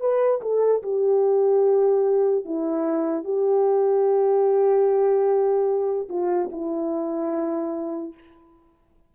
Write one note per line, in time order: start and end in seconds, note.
0.00 0.41 B4
0.41 0.82 A4
0.82 2.44 G4
2.45 3.24 E4
3.24 6.08 G4
6.09 6.49 F4
6.51 8.13 E4